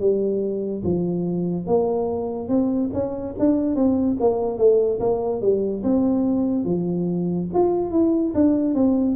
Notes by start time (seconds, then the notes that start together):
0.00 G3
0.84 F3
1.67 A#3
2.48 C4
2.94 C#4
3.39 D4
3.75 C4
4.20 A#3
4.58 A3
5.00 A#3
5.41 G3
5.84 C4
6.65 F3
7.54 F4
7.91 E4
8.34 D4
8.75 C4